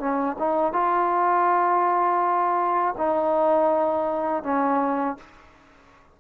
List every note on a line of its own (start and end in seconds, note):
0.00 0.37 C#4
0.39 0.73 D#4
0.73 2.95 F4
2.98 4.44 D#4
4.44 5.18 C#4